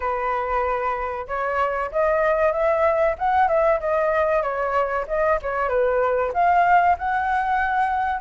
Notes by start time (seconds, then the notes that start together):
0.00 B4
1.27 C#5
1.91 D#5
2.52 E5
3.18 F#5
3.47 E5
3.80 D#5
4.42 C#5
5.07 D#5
5.41 C#5
5.68 B4
6.33 F5
6.98 F#5